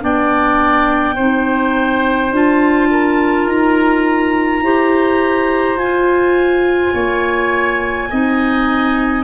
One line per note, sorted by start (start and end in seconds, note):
0.00 1.18 B3
0.00 1.15 D4
0.00 1.16 D5
0.00 2.35 G5
1.16 2.32 C4
1.16 2.33 D#4
1.16 2.89 C5
2.32 3.47 D4
2.32 4.63 F4
2.32 3.49 A5
2.91 4.64 A#4
3.47 4.62 D#4
3.47 5.79 A#5
4.62 5.77 E4
4.62 5.79 G4
4.62 6.94 C5
5.77 6.92 F4
5.77 8.12 F4
5.77 9.25 G#5
6.94 8.09 A#3
6.94 8.09 C#5
8.10 9.25 C4
8.10 9.25 D#4
8.10 9.25 D#5